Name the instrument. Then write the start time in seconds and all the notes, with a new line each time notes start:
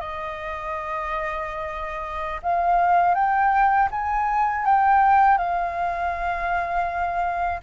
flute
0.00 D#5
2.43 F5
3.15 G5
3.91 G#5
4.65 G5
5.38 F5